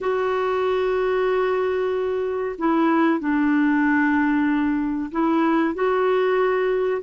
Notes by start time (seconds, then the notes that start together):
0.00 F#4
2.58 E4
3.19 D4
5.11 E4
5.74 F#4